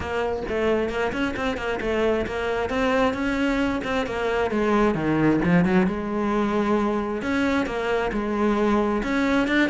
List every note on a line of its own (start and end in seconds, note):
0.00 0.43 A#3
0.48 0.89 A3
0.89 1.12 A#3
1.12 1.34 C#4
1.36 1.57 C4
1.57 1.79 A#3
1.80 2.26 A3
2.26 2.69 A#3
2.69 3.13 C4
3.13 3.81 C#4
3.83 4.06 C4
4.06 4.50 A#3
4.50 4.94 G#3
4.94 5.40 D#3
5.44 5.65 F3
5.65 5.86 F#3
5.86 7.22 G#3
7.22 7.66 C#4
7.66 8.11 A#3
8.12 9.02 G#3
9.03 9.47 C#4
9.47 9.69 D4